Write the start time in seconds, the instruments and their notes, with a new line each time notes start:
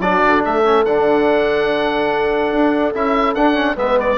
0.00 bassoon F#3, trombone D4, horn F#4, oboe D5
0.27 bassoon D3
0.45 bassoon A3, horn A4, oboe E5
0.65 trombone C#4
0.85 bassoon D3, trombone D4, oboe F#5
2.52 bassoon D4
2.94 bassoon C#4, trombone E4, oboe E5
3.35 bassoon D4, trombone D4, oboe F#5
3.54 trombone C#4
3.76 bassoon G#3, trombone B3, horn B4, oboe E5
4.00 oboe D5